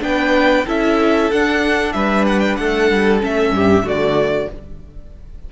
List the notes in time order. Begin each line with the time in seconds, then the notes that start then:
0.00 B3 D4 B4 G5
0.66 C#4 E4 A4 E5
1.31 D4 F#5
1.93 G3 B4 E5
2.27 F#5
2.40 G5
2.56 A3 A4 F#5
2.91 G3
3.20 A3 C#4 E5
3.51 G2 G4
3.82 D3 A3 F#4
3.89 D5